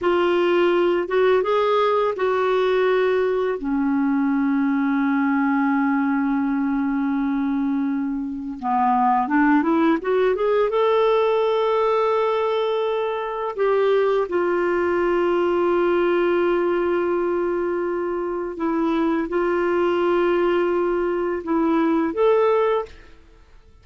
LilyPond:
\new Staff \with { instrumentName = "clarinet" } { \time 4/4 \tempo 4 = 84 f'4. fis'8 gis'4 fis'4~ | fis'4 cis'2.~ | cis'1 | b4 d'8 e'8 fis'8 gis'8 a'4~ |
a'2. g'4 | f'1~ | f'2 e'4 f'4~ | f'2 e'4 a'4 | }